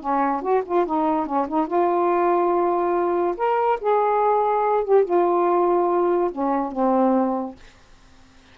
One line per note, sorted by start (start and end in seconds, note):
0.00 0.42 C#4
0.42 0.63 F#4
0.65 0.86 F4
0.86 1.26 D#4
1.26 1.47 C#4
1.48 1.67 D#4
1.67 3.35 F4
3.37 3.79 A#4
3.81 4.84 G#4
4.84 5.05 G4
5.05 6.31 F4
6.31 6.72 C#4
6.72 7.55 C4